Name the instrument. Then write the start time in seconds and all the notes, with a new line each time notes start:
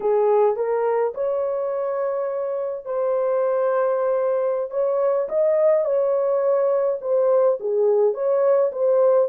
horn
0.00 G#4
0.56 A#4
1.14 C#5
2.85 C5
4.70 C#5
5.29 D#5
5.84 C#5
7.01 C5
7.59 G#4
8.14 C#5
8.72 C5